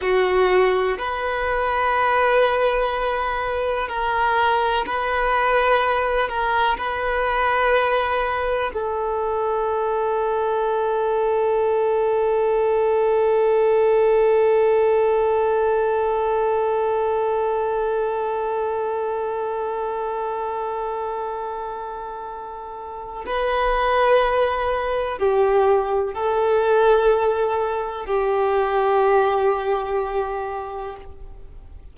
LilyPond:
\new Staff \with { instrumentName = "violin" } { \time 4/4 \tempo 4 = 62 fis'4 b'2. | ais'4 b'4. ais'8 b'4~ | b'4 a'2.~ | a'1~ |
a'1~ | a'1 | b'2 g'4 a'4~ | a'4 g'2. | }